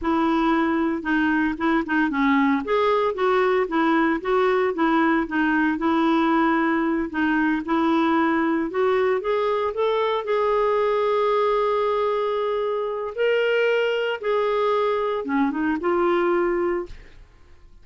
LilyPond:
\new Staff \with { instrumentName = "clarinet" } { \time 4/4 \tempo 4 = 114 e'2 dis'4 e'8 dis'8 | cis'4 gis'4 fis'4 e'4 | fis'4 e'4 dis'4 e'4~ | e'4. dis'4 e'4.~ |
e'8 fis'4 gis'4 a'4 gis'8~ | gis'1~ | gis'4 ais'2 gis'4~ | gis'4 cis'8 dis'8 f'2 | }